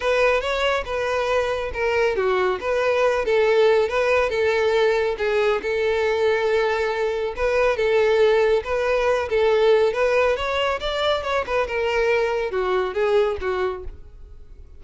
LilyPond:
\new Staff \with { instrumentName = "violin" } { \time 4/4 \tempo 4 = 139 b'4 cis''4 b'2 | ais'4 fis'4 b'4. a'8~ | a'4 b'4 a'2 | gis'4 a'2.~ |
a'4 b'4 a'2 | b'4. a'4. b'4 | cis''4 d''4 cis''8 b'8 ais'4~ | ais'4 fis'4 gis'4 fis'4 | }